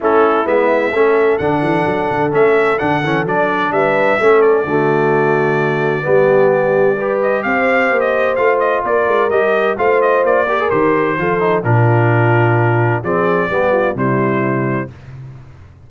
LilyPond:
<<
  \new Staff \with { instrumentName = "trumpet" } { \time 4/4 \tempo 4 = 129 a'4 e''2 fis''4~ | fis''4 e''4 fis''4 d''4 | e''4. d''2~ d''8~ | d''2.~ d''8 dis''8 |
f''4~ f''16 dis''8. f''8 dis''8 d''4 | dis''4 f''8 dis''8 d''4 c''4~ | c''4 ais'2. | d''2 c''2 | }
  \new Staff \with { instrumentName = "horn" } { \time 4/4 e'2 a'2~ | a'1 | b'4 a'4 fis'2~ | fis'4 g'2 b'4 |
c''2. ais'4~ | ais'4 c''4. ais'4. | a'4 f'2. | gis'4 g'8 f'8 e'2 | }
  \new Staff \with { instrumentName = "trombone" } { \time 4/4 cis'4 b4 cis'4 d'4~ | d'4 cis'4 d'8 cis'8 d'4~ | d'4 cis'4 a2~ | a4 b2 g'4~ |
g'2 f'2 | g'4 f'4. g'16 gis'16 g'4 | f'8 dis'8 d'2. | c'4 b4 g2 | }
  \new Staff \with { instrumentName = "tuba" } { \time 4/4 a4 gis4 a4 d8 e8 | fis8 d8 a4 d8 e8 fis4 | g4 a4 d2~ | d4 g2. |
c'4 ais4 a4 ais8 gis8 | g4 a4 ais4 dis4 | f4 ais,2. | f4 g4 c2 | }
>>